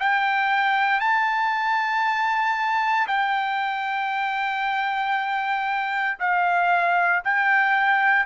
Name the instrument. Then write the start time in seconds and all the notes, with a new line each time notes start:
trumpet
0.00 G5
1.01 A5
3.08 G5
6.20 F5
7.25 G5